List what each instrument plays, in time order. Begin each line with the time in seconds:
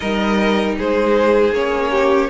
0.00 cello G3, viola D#4, violin A#4 D#5
0.77 cello G#3, violin G#4 C5
1.51 cello A#3, viola C#4, violin C#5
1.91 violin G4